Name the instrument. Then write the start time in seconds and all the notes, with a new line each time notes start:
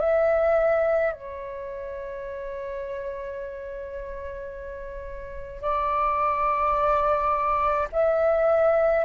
flute
0.00 E5
1.13 C#5
5.62 D5
7.92 E5